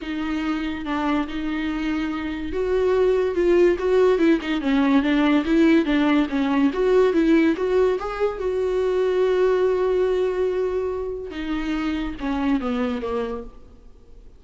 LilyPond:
\new Staff \with { instrumentName = "viola" } { \time 4/4 \tempo 4 = 143 dis'2 d'4 dis'4~ | dis'2 fis'2 | f'4 fis'4 e'8 dis'8 cis'4 | d'4 e'4 d'4 cis'4 |
fis'4 e'4 fis'4 gis'4 | fis'1~ | fis'2. dis'4~ | dis'4 cis'4 b4 ais4 | }